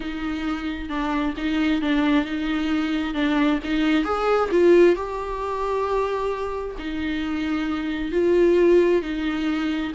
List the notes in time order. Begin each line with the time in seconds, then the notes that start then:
0.00 D#4
0.89 D4
1.37 D#4
1.81 D4
2.25 D#4
3.14 D4
3.63 D#4
4.04 G#4
4.51 F4
4.95 G4
6.78 D#4
8.11 F4
9.02 D#4